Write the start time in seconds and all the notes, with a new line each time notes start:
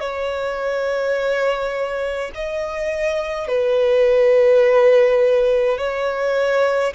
0.00 C#5
2.34 D#5
3.48 B4
5.78 C#5